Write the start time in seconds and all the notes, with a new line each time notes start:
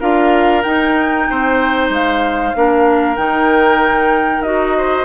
0.00 D4 F4 A#4 F5
0.62 D#4 G5
1.30 C4 C5
1.90 G#3 F5
2.55 A#3 D4 A#4
3.16 D#3 D#4 G5
4.41 D#4 F#4 D#5
4.77 C5